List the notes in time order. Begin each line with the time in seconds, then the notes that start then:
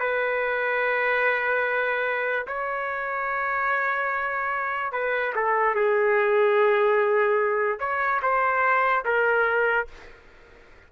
0.00 B4
2.47 C#5
4.92 B4
5.36 A4
5.75 G#4
7.80 C#5
8.23 C5
9.06 A#4